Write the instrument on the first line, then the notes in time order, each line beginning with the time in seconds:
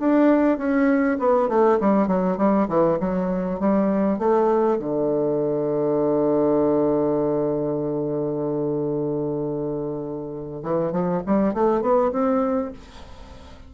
bassoon
0.00 D4
0.58 C#4
1.19 B3
1.49 A3
1.81 G3
2.08 F#3
2.38 G3
2.69 E3
3.00 F#3
3.60 G3
4.19 A3
4.79 D3
10.63 E3
10.92 F3
11.27 G3
11.54 A3
11.82 B3
12.12 C4